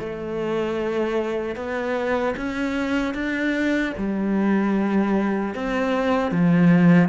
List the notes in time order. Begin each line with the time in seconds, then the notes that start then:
0.00 A3
1.56 B3
2.37 C#4
3.15 D4
3.98 G3
5.55 C4
6.32 F3